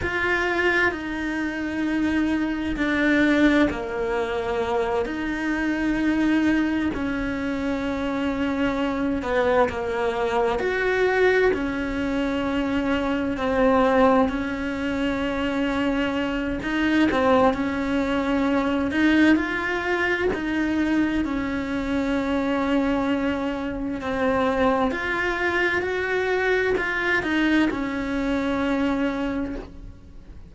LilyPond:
\new Staff \with { instrumentName = "cello" } { \time 4/4 \tempo 4 = 65 f'4 dis'2 d'4 | ais4. dis'2 cis'8~ | cis'2 b8 ais4 fis'8~ | fis'8 cis'2 c'4 cis'8~ |
cis'2 dis'8 c'8 cis'4~ | cis'8 dis'8 f'4 dis'4 cis'4~ | cis'2 c'4 f'4 | fis'4 f'8 dis'8 cis'2 | }